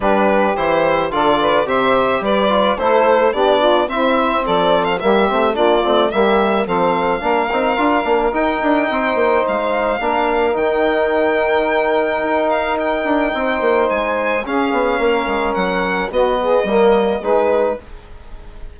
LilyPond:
<<
  \new Staff \with { instrumentName = "violin" } { \time 4/4 \tempo 4 = 108 b'4 c''4 d''4 e''4 | d''4 c''4 d''4 e''4 | d''8. f''16 e''4 d''4 e''4 | f''2. g''4~ |
g''4 f''2 g''4~ | g''2~ g''8 f''8 g''4~ | g''4 gis''4 f''2 | fis''4 dis''2 b'4 | }
  \new Staff \with { instrumentName = "saxophone" } { \time 4/4 g'2 a'8 b'8 c''4 | b'4 a'4 g'8 f'8 e'4 | a'4 g'4 f'4 g'4 | a'4 ais'2. |
c''2 ais'2~ | ais'1 | c''2 gis'4 ais'4~ | ais'4 fis'8 gis'8 ais'4 gis'4 | }
  \new Staff \with { instrumentName = "trombone" } { \time 4/4 d'4 e'4 f'4 g'4~ | g'8 f'8 e'4 d'4 c'4~ | c'4 ais8 c'8 d'8 c'8 ais4 | c'4 d'8 dis'8 f'8 d'8 dis'4~ |
dis'2 d'4 dis'4~ | dis'1~ | dis'2 cis'2~ | cis'4 b4 ais4 dis'4 | }
  \new Staff \with { instrumentName = "bassoon" } { \time 4/4 g4 e4 d4 c4 | g4 a4 b4 c'4 | f4 g8 a8 ais8 a8 g4 | f4 ais8 c'8 d'8 ais8 dis'8 d'8 |
c'8 ais8 gis4 ais4 dis4~ | dis2 dis'4. d'8 | c'8 ais8 gis4 cis'8 b8 ais8 gis8 | fis4 b4 g4 gis4 | }
>>